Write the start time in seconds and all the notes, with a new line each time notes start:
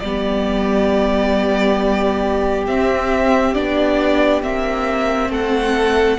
0.00 G3 B3 G4 D5
2.67 C4 E5
3.54 B3 D4 D5
4.43 A#3 C4 E5
5.30 A3 A4 F#5